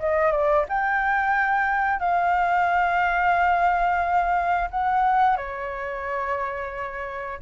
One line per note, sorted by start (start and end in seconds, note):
0.00 0.32 D#5
0.32 0.65 D5
0.69 2.00 G5
2.00 4.69 F5
4.71 5.37 F#5
5.37 7.39 C#5